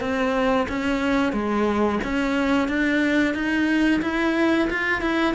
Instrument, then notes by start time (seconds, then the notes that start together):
cello
0.00 C4
0.68 C#4
1.32 G#3
2.04 C#4
2.68 D4
3.34 D#4
4.02 E4
4.70 F4
5.01 E4